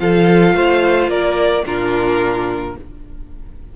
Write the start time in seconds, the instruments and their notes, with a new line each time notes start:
0.00 cello F3, viola F4, violin A4 F5
0.54 cello A3, violin C5
1.08 cello A#3, violin A#4 D5
1.65 cello A#2, viola D4, violin F4 A#4